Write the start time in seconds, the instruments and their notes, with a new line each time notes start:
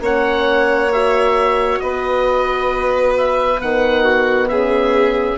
0.00 bassoon A#3, horn C#4, violin C#5, oboe F#5
0.92 horn F#4, oboe E5
1.79 bassoon B3, violin B4, oboe D#5
3.17 oboe E5
3.59 bassoon D#3, horn B3, oboe F#5
4.03 violin F#4
4.49 bassoon C#3, violin G#4, oboe E5